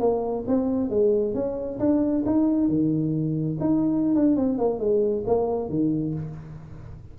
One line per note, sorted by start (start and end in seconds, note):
0.00 0.45 A#3
0.48 0.90 C4
0.90 1.35 G#3
1.35 1.79 C#4
1.80 2.24 D4
2.26 2.69 D#4
2.69 3.58 D#3
3.60 4.15 D#4
4.15 4.37 D4
4.37 4.59 C4
4.59 4.80 A#3
4.80 5.24 G#3
5.27 5.70 A#3
5.70 6.15 D#3